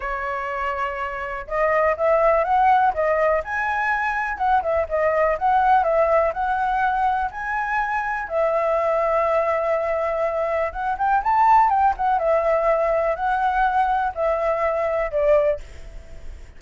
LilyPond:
\new Staff \with { instrumentName = "flute" } { \time 4/4 \tempo 4 = 123 cis''2. dis''4 | e''4 fis''4 dis''4 gis''4~ | gis''4 fis''8 e''8 dis''4 fis''4 | e''4 fis''2 gis''4~ |
gis''4 e''2.~ | e''2 fis''8 g''8 a''4 | g''8 fis''8 e''2 fis''4~ | fis''4 e''2 d''4 | }